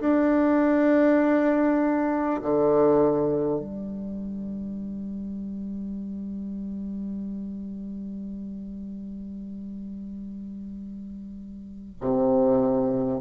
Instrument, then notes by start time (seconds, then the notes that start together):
bassoon
0.00 D4
2.42 D3
3.60 G3
12.01 C3